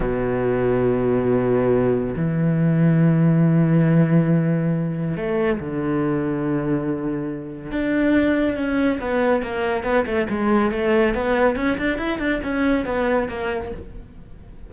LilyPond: \new Staff \with { instrumentName = "cello" } { \time 4/4 \tempo 4 = 140 b,1~ | b,4 e2.~ | e1 | a4 d2.~ |
d2 d'2 | cis'4 b4 ais4 b8 a8 | gis4 a4 b4 cis'8 d'8 | e'8 d'8 cis'4 b4 ais4 | }